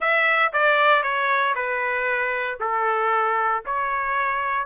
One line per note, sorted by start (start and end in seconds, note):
0.00 0.52 E5
0.52 1.02 D5
1.02 1.54 C#5
1.55 2.58 B4
2.60 3.63 A4
3.65 4.66 C#5